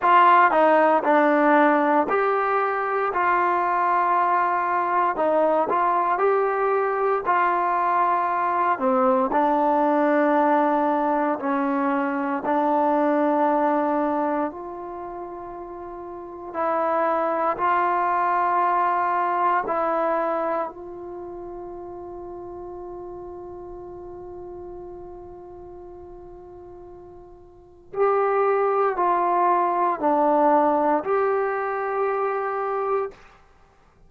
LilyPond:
\new Staff \with { instrumentName = "trombone" } { \time 4/4 \tempo 4 = 58 f'8 dis'8 d'4 g'4 f'4~ | f'4 dis'8 f'8 g'4 f'4~ | f'8 c'8 d'2 cis'4 | d'2 f'2 |
e'4 f'2 e'4 | f'1~ | f'2. g'4 | f'4 d'4 g'2 | }